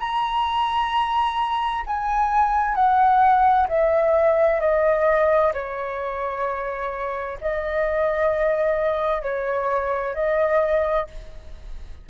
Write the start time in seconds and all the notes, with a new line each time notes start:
0.00 A#5
1.87 G#5
2.75 F#5
3.69 E5
4.61 D#5
5.54 C#5
7.41 D#5
9.23 C#5
10.15 D#5